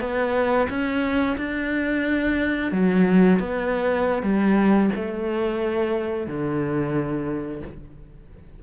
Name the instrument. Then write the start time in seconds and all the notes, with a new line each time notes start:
cello
0.00 B3
0.69 C#4
1.37 D4
2.72 F#3
3.39 B3
4.23 G3
4.95 A3
6.27 D3